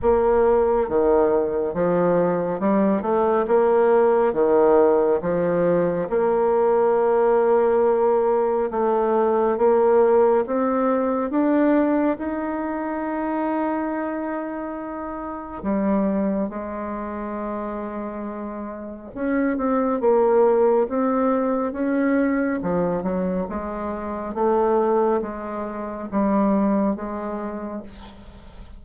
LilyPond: \new Staff \with { instrumentName = "bassoon" } { \time 4/4 \tempo 4 = 69 ais4 dis4 f4 g8 a8 | ais4 dis4 f4 ais4~ | ais2 a4 ais4 | c'4 d'4 dis'2~ |
dis'2 g4 gis4~ | gis2 cis'8 c'8 ais4 | c'4 cis'4 f8 fis8 gis4 | a4 gis4 g4 gis4 | }